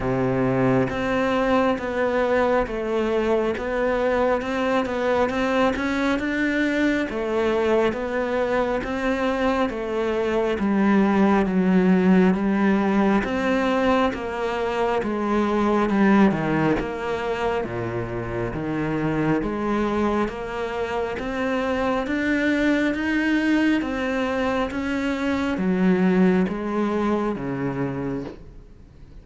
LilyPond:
\new Staff \with { instrumentName = "cello" } { \time 4/4 \tempo 4 = 68 c4 c'4 b4 a4 | b4 c'8 b8 c'8 cis'8 d'4 | a4 b4 c'4 a4 | g4 fis4 g4 c'4 |
ais4 gis4 g8 dis8 ais4 | ais,4 dis4 gis4 ais4 | c'4 d'4 dis'4 c'4 | cis'4 fis4 gis4 cis4 | }